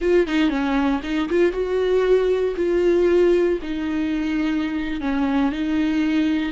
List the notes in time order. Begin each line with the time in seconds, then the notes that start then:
0.01 F4
0.27 D#4
0.49 C#4
1.03 D#4
1.29 F4
1.52 F#4
2.56 F4
3.62 D#4
5.00 C#4
5.52 D#4